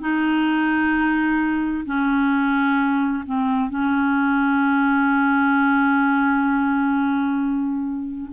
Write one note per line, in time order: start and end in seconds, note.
0.00 1.85 D#4
1.85 3.24 C#4
3.26 3.69 C4
3.69 8.31 C#4